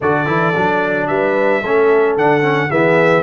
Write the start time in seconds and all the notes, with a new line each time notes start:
0.01 D3 F#4 A4 D5
0.26 E3 E4
0.55 F#3 D4
1.07 G3 B4 E5
1.61 A3 C#4 A4
2.16 D3 D4 F#5
2.41 C#4
2.69 E3 B3 G#4 E5